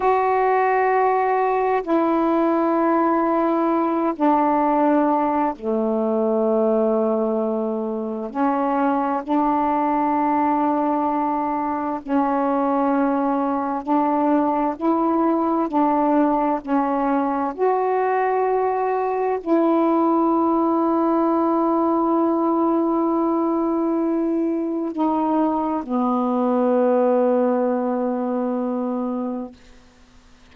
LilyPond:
\new Staff \with { instrumentName = "saxophone" } { \time 4/4 \tempo 4 = 65 fis'2 e'2~ | e'8 d'4. a2~ | a4 cis'4 d'2~ | d'4 cis'2 d'4 |
e'4 d'4 cis'4 fis'4~ | fis'4 e'2.~ | e'2. dis'4 | b1 | }